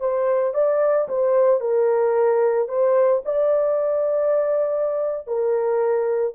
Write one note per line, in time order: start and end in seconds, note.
0.00 0.54 C5
0.54 1.08 D5
1.08 1.60 C5
1.60 2.68 A#4
2.68 3.22 C5
3.25 5.27 D5
5.27 6.34 A#4